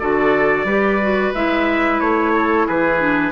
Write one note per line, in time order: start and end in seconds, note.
0.00 0.64 D3
0.00 0.68 F#4
0.00 0.67 A4
0.00 1.33 D5
0.64 1.31 G3
0.64 1.01 G4
0.64 2.33 B4
1.02 1.35 F#4
1.35 2.01 G#3
1.35 2.99 E4
1.35 2.00 E5
2.00 2.67 A3
2.00 2.67 C#5
2.34 2.67 A4
2.67 3.32 E3
2.67 3.32 G#4
2.67 3.32 B4
2.99 3.32 D4